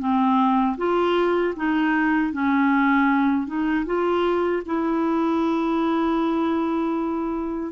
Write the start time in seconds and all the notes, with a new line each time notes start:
0.00 C4
0.78 F4
1.57 D#4
2.33 C#4
3.48 D#4
3.86 F4
4.66 E4